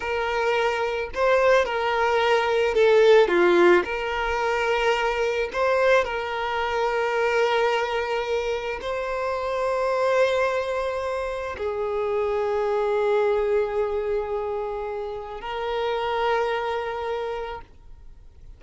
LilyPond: \new Staff \with { instrumentName = "violin" } { \time 4/4 \tempo 4 = 109 ais'2 c''4 ais'4~ | ais'4 a'4 f'4 ais'4~ | ais'2 c''4 ais'4~ | ais'1 |
c''1~ | c''4 gis'2.~ | gis'1 | ais'1 | }